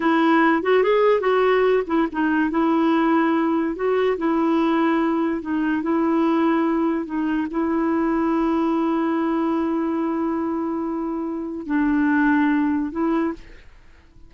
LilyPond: \new Staff \with { instrumentName = "clarinet" } { \time 4/4 \tempo 4 = 144 e'4. fis'8 gis'4 fis'4~ | fis'8 e'8 dis'4 e'2~ | e'4 fis'4 e'2~ | e'4 dis'4 e'2~ |
e'4 dis'4 e'2~ | e'1~ | e'1 | d'2. e'4 | }